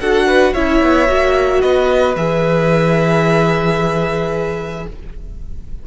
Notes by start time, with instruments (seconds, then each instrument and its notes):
0.00 cello D4, viola F#4, violin A4 F#5
0.27 violin B4
0.53 cello C#4, viola E4, violin C#5 E5
0.81 cello B3
1.08 cello A#3, viola F#4
1.61 cello B3, violin B4 D#5
2.15 cello E3, viola G#4, violin E5